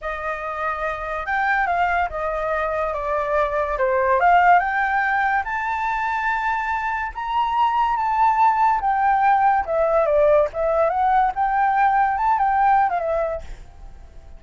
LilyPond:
\new Staff \with { instrumentName = "flute" } { \time 4/4 \tempo 4 = 143 dis''2. g''4 | f''4 dis''2 d''4~ | d''4 c''4 f''4 g''4~ | g''4 a''2.~ |
a''4 ais''2 a''4~ | a''4 g''2 e''4 | d''4 e''4 fis''4 g''4~ | g''4 a''8 g''4~ g''16 f''16 e''4 | }